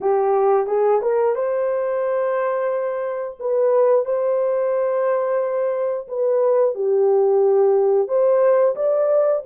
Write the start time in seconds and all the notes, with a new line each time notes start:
0.00 G4
0.66 G#4
1.01 A#4
1.35 C5
3.39 B4
4.05 C5
6.07 B4
6.74 G4
8.07 C5
8.75 D5